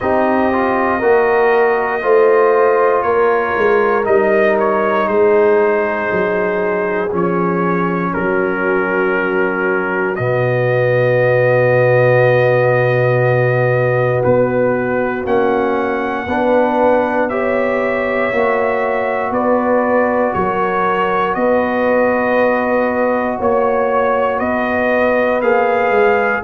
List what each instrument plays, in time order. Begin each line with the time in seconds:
0.00 tuba C4, trombone D#4, horn G4, trumpet D#5
0.52 trombone F4
0.99 tuba A#3, trombone F#4, horn A#4
2.02 tuba A3, trombone F4, horn C5
3.02 tuba A#3, horn A#4, trumpet C#5
3.57 tuba G#3
4.03 tuba G3, trombone D#4, trumpet D#5
4.59 trumpet C#5
5.07 tuba G#3, horn G#4, trumpet C5
6.11 tuba F#3
7.11 tuba F3, trombone C#4, trumpet C#5
8.13 tuba F#3, horn F#4, trumpet A#4
10.15 tuba B2, trombone B3, trumpet D#5
14.23 tuba B3, trumpet B4
15.25 tuba A#3, trombone C#4, trumpet F#5
16.26 tuba B3, trombone D4, horn B4
17.29 trombone G4, horn C#5, trumpet E5
18.31 tuba A#3, trombone F#4
19.31 tuba B3, horn B4, trumpet D5
20.33 tuba F#3, horn A#4, trumpet C#5
21.34 tuba B3, horn B4, trumpet D#5
23.38 tuba A#3, horn C#5, trumpet C#5
24.38 tuba B3, horn B4, trumpet D#5
25.41 tuba A#3, trombone G#4, trumpet F5
25.90 tuba G#3